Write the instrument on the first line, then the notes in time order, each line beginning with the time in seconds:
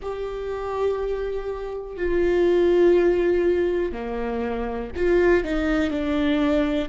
viola
0.02 G4
1.97 F4
3.92 A#3
4.96 F4
5.44 D#4
5.90 D4